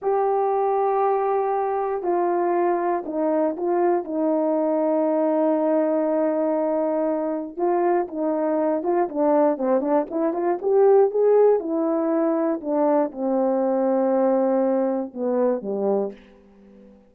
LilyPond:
\new Staff \with { instrumentName = "horn" } { \time 4/4 \tempo 4 = 119 g'1 | f'2 dis'4 f'4 | dis'1~ | dis'2. f'4 |
dis'4. f'8 d'4 c'8 d'8 | e'8 f'8 g'4 gis'4 e'4~ | e'4 d'4 c'2~ | c'2 b4 g4 | }